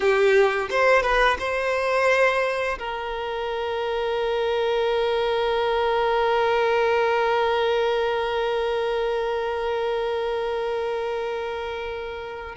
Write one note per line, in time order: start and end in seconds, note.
0.00 0.68 G4
0.70 1.02 C5
1.02 1.37 B4
1.39 2.78 C5
2.78 12.55 A#4